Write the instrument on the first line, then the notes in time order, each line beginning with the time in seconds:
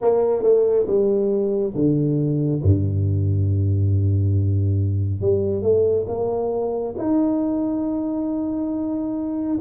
tuba
0.01 A#3
0.43 A3
0.87 G3
1.74 D3
2.62 G2
5.20 G3
5.62 A3
6.07 A#3
6.97 D#4